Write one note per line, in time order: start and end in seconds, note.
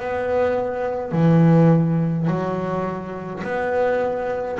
0.00 1.12 B3
1.12 2.27 E3
2.27 3.42 F#3
3.43 4.58 B3